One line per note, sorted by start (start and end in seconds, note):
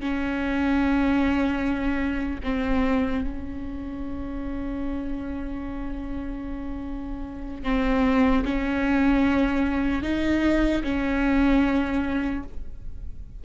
0.00 2.40 C#4
2.43 3.23 C4
3.23 7.63 C#4
7.63 8.43 C4
8.44 10.03 C#4
10.03 10.83 D#4
10.83 12.43 C#4